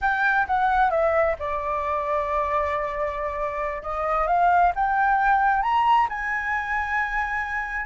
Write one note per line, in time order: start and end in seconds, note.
0.01 0.46 G5
0.47 0.90 F#5
0.90 1.35 E5
1.39 3.82 D5
3.82 4.27 D#5
4.27 4.72 F5
4.75 5.62 G5
5.62 6.07 A#5
6.09 7.85 G#5